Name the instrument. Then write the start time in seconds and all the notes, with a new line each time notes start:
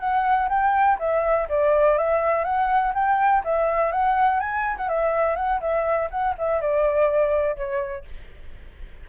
flute
0.00 F#5
0.49 G5
0.99 E5
1.49 D5
1.98 E5
2.45 F#5
2.95 G5
3.44 E5
3.92 F#5
4.40 G#5
4.77 F#5
4.89 E5
5.36 F#5
5.61 E5
6.11 F#5
6.38 E5
6.61 D5
7.57 C#5